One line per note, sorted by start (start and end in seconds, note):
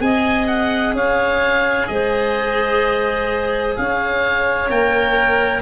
0.00 0.94 C4
0.00 4.69 G#4
0.00 0.95 D#5
0.00 0.47 G#5
0.47 0.94 F#5
0.94 1.88 C#4
0.94 1.89 C#5
0.94 1.87 F5
1.87 3.77 G#3
1.87 3.79 C5
1.87 3.75 D#5
3.77 4.70 C#4
3.77 5.62 C#5
3.77 4.70 F5
4.70 5.62 A#3
4.70 5.62 A#4
4.70 5.62 G5